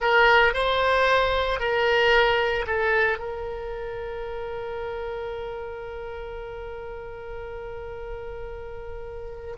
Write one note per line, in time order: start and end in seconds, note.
0.00 0.53 A#4
0.53 1.59 C5
1.59 2.65 A#4
2.66 3.18 A4
3.18 9.55 A#4